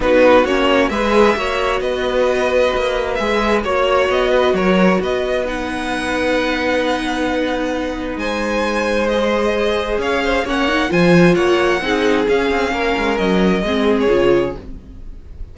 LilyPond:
<<
  \new Staff \with { instrumentName = "violin" } { \time 4/4 \tempo 4 = 132 b'4 cis''4 e''2 | dis''2. e''4 | cis''4 dis''4 cis''4 dis''4 | fis''1~ |
fis''2 gis''2 | dis''2 f''4 fis''4 | gis''4 fis''2 f''4~ | f''4 dis''4.~ dis''16 cis''4~ cis''16 | }
  \new Staff \with { instrumentName = "violin" } { \time 4/4 fis'2 b'4 cis''4 | b'1 | cis''4. b'8 ais'4 b'4~ | b'1~ |
b'2 c''2~ | c''2 cis''8 c''8 cis''4 | c''4 cis''4 gis'2 | ais'2 gis'2 | }
  \new Staff \with { instrumentName = "viola" } { \time 4/4 dis'4 cis'4 gis'4 fis'4~ | fis'2. gis'4 | fis'1 | dis'1~ |
dis'1 | gis'2. cis'8 dis'8 | f'2 dis'4 cis'4~ | cis'2 c'4 f'4 | }
  \new Staff \with { instrumentName = "cello" } { \time 4/4 b4 ais4 gis4 ais4 | b2 ais4 gis4 | ais4 b4 fis4 b4~ | b1~ |
b2 gis2~ | gis2 cis'4 ais4 | f4 ais4 c'4 cis'8 c'8 | ais8 gis8 fis4 gis4 cis4 | }
>>